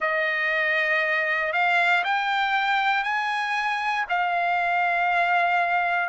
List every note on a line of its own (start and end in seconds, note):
0.00 1.53 D#5
1.53 2.03 F5
2.03 3.03 G5
3.03 4.05 G#5
4.09 6.09 F5